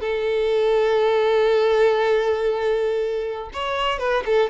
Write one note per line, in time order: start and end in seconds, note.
0.00 3.50 A4
3.53 3.98 C#5
3.98 4.23 B4
4.25 4.50 A4